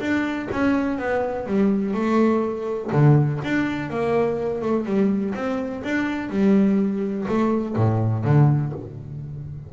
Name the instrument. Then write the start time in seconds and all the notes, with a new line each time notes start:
double bass
0.00 D4
0.52 C#4
0.99 B3
1.46 G3
1.94 A3
2.92 D3
3.44 D4
3.90 A#3
4.62 A3
4.86 G3
5.35 C4
5.84 D4
6.30 G3
7.29 A3
7.76 A2
8.25 D3